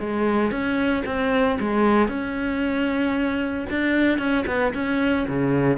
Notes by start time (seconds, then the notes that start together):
0.00 G#3
0.51 C#4
1.06 C4
1.60 G#3
2.09 C#4
3.70 D4
4.19 C#4
4.47 B3
4.74 C#4
5.28 C#3